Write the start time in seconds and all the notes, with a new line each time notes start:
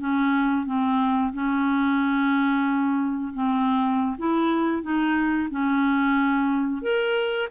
0.00 C#4
0.66 C4
1.33 C#4
3.34 C4
4.18 E4
4.82 D#4
5.51 C#4
6.82 A#4